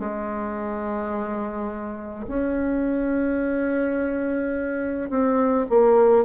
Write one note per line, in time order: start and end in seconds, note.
0.00 2.26 G#3
2.28 5.10 C#4
5.10 5.67 C4
5.70 6.25 A#3